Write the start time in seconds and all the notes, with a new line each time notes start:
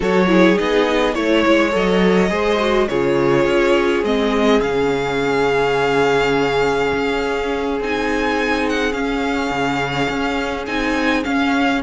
0.00 F#3 F#4 A4 C#5
0.27 E4 G#4
0.55 B3 D#4 D#5
1.13 A3 E4 C#5
1.46 G#3
1.71 F#3 A4 D#5
2.28 G#3 G#4 C5
2.59 F#4
2.88 C#3 F4 G#4 C#5
3.45 C#4
4.03 G#3 C4 D#5
4.61 C#3 C#4 F5
6.93 C#4
7.80 C4 D#4 G#5
8.69 F#5
8.91 C#4 F5
9.50 C#3
10.09 C#4
10.66 C4 D#4 G#5
11.23 C#4 F5